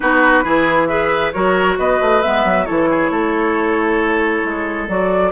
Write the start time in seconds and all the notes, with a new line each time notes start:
0.00 B3 D#4 F#4 B4
0.44 E3 E4 G#4
0.86 G#4 B4 E5
1.32 F#3 F#4 A#4 C#5
1.78 B3 B4 D#5
2.01 A3
2.21 G#3 B3 E5
2.44 F#3
2.65 E3 E4 A4 C#5
2.89 G#4
3.10 A3 A4
4.44 G#3
4.88 F#3 F#4 D5